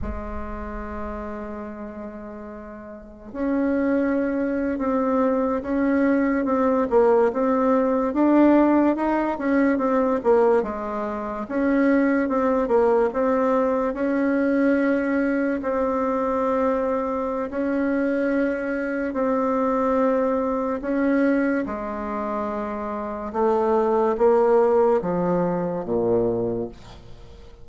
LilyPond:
\new Staff \with { instrumentName = "bassoon" } { \time 4/4 \tempo 4 = 72 gis1 | cis'4.~ cis'16 c'4 cis'4 c'16~ | c'16 ais8 c'4 d'4 dis'8 cis'8 c'16~ | c'16 ais8 gis4 cis'4 c'8 ais8 c'16~ |
c'8. cis'2 c'4~ c'16~ | c'4 cis'2 c'4~ | c'4 cis'4 gis2 | a4 ais4 f4 ais,4 | }